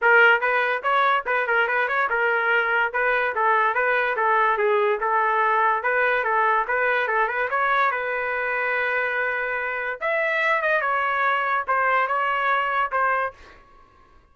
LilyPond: \new Staff \with { instrumentName = "trumpet" } { \time 4/4 \tempo 4 = 144 ais'4 b'4 cis''4 b'8 ais'8 | b'8 cis''8 ais'2 b'4 | a'4 b'4 a'4 gis'4 | a'2 b'4 a'4 |
b'4 a'8 b'8 cis''4 b'4~ | b'1 | e''4. dis''8 cis''2 | c''4 cis''2 c''4 | }